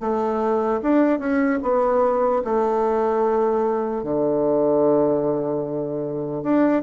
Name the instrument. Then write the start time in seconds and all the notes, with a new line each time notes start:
bassoon
0.00 A3
0.82 D4
1.19 C#4
1.62 B3
2.44 A3
4.03 D3
6.43 D4